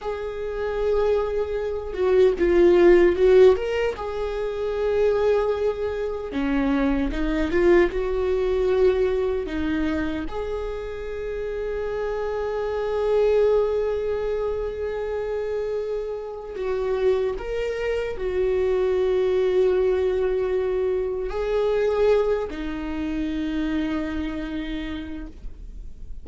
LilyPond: \new Staff \with { instrumentName = "viola" } { \time 4/4 \tempo 4 = 76 gis'2~ gis'8 fis'8 f'4 | fis'8 ais'8 gis'2. | cis'4 dis'8 f'8 fis'2 | dis'4 gis'2.~ |
gis'1~ | gis'4 fis'4 ais'4 fis'4~ | fis'2. gis'4~ | gis'8 dis'2.~ dis'8 | }